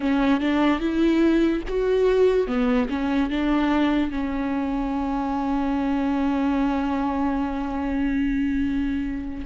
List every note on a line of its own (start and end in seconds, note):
0.00 0.40 C#4
0.40 0.80 D4
0.80 1.62 E4
1.68 2.47 F#4
2.47 2.88 B3
2.89 3.30 C#4
3.30 4.10 D4
4.10 9.44 C#4